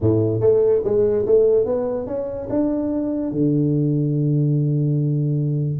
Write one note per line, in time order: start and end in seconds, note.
0.00 0.40 A2
0.40 0.81 A3
0.84 1.25 G#3
1.25 1.65 A3
1.65 2.06 B3
2.06 2.48 C#4
2.49 3.31 D4
3.31 5.79 D3